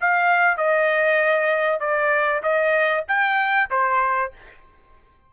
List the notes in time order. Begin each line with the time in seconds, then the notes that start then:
0.00 F5
0.57 D#5
1.80 D5
2.42 D#5
3.08 G5
3.70 C5